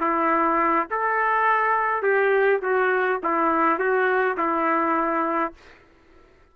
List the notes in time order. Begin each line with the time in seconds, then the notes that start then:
0.00 E4
0.91 A4
2.03 G4
2.62 F#4
3.23 E4
3.79 F#4
4.37 E4